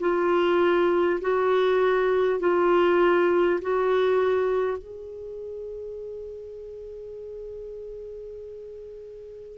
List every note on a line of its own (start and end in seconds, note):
0.00 1.20 F4
1.21 2.39 F#4
2.39 3.59 F4
3.62 4.78 F#4
4.78 9.58 G#4